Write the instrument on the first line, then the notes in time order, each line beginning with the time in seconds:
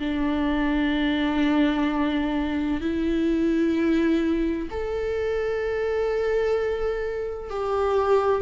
viola
0.00 D4
2.81 E4
4.71 A4
7.50 G4